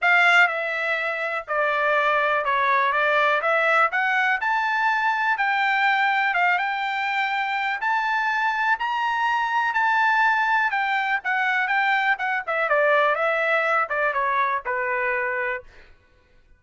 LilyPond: \new Staff \with { instrumentName = "trumpet" } { \time 4/4 \tempo 4 = 123 f''4 e''2 d''4~ | d''4 cis''4 d''4 e''4 | fis''4 a''2 g''4~ | g''4 f''8 g''2~ g''8 |
a''2 ais''2 | a''2 g''4 fis''4 | g''4 fis''8 e''8 d''4 e''4~ | e''8 d''8 cis''4 b'2 | }